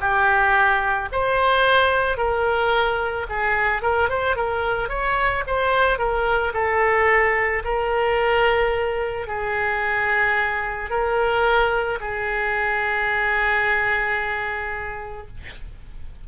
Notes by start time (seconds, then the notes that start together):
0.00 G4
1.12 C5
2.17 A#4
3.29 G#4
3.82 A#4
4.09 C5
4.36 A#4
4.89 C#5
5.47 C5
5.98 A#4
6.54 A4
7.65 A#4
9.27 G#4
10.90 A#4
12.00 G#4